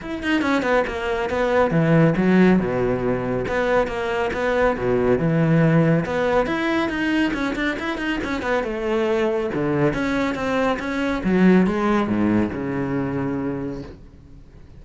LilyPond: \new Staff \with { instrumentName = "cello" } { \time 4/4 \tempo 4 = 139 e'8 dis'8 cis'8 b8 ais4 b4 | e4 fis4 b,2 | b4 ais4 b4 b,4 | e2 b4 e'4 |
dis'4 cis'8 d'8 e'8 dis'8 cis'8 b8 | a2 d4 cis'4 | c'4 cis'4 fis4 gis4 | gis,4 cis2. | }